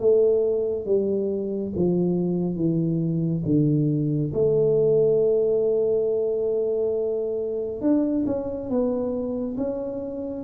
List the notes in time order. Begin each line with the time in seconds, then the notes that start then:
0.00 A3
0.86 G3
1.76 F3
2.57 E3
3.46 D3
4.34 A3
7.82 D4
8.26 C#4
8.70 B3
9.58 C#4